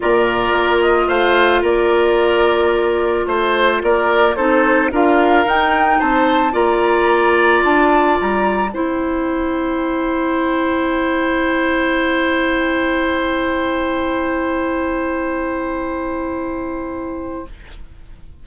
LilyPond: <<
  \new Staff \with { instrumentName = "flute" } { \time 4/4 \tempo 4 = 110 d''4. dis''8 f''4 d''4~ | d''2 c''4 d''4 | c''4 f''4 g''4 a''4 | ais''2 a''4 ais''4 |
g''1~ | g''1~ | g''1~ | g''1 | }
  \new Staff \with { instrumentName = "oboe" } { \time 4/4 ais'2 c''4 ais'4~ | ais'2 c''4 ais'4 | a'4 ais'2 c''4 | d''1 |
c''1~ | c''1~ | c''1~ | c''1 | }
  \new Staff \with { instrumentName = "clarinet" } { \time 4/4 f'1~ | f'1 | dis'4 f'4 dis'2 | f'1 |
e'1~ | e'1~ | e'1~ | e'1 | }
  \new Staff \with { instrumentName = "bassoon" } { \time 4/4 ais,4 ais4 a4 ais4~ | ais2 a4 ais4 | c'4 d'4 dis'4 c'4 | ais2 d'4 g4 |
c'1~ | c'1~ | c'1~ | c'1 | }
>>